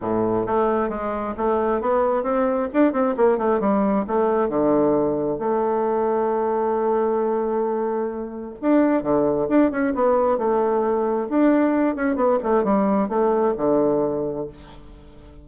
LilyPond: \new Staff \with { instrumentName = "bassoon" } { \time 4/4 \tempo 4 = 133 a,4 a4 gis4 a4 | b4 c'4 d'8 c'8 ais8 a8 | g4 a4 d2 | a1~ |
a2. d'4 | d4 d'8 cis'8 b4 a4~ | a4 d'4. cis'8 b8 a8 | g4 a4 d2 | }